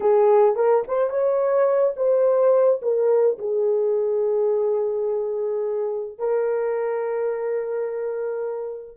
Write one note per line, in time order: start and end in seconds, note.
0.00 0.55 G#4
0.55 0.83 A#4
0.87 1.09 C5
1.09 1.93 C#5
1.96 2.80 C5
2.82 3.38 A#4
3.38 6.18 G#4
6.18 8.97 A#4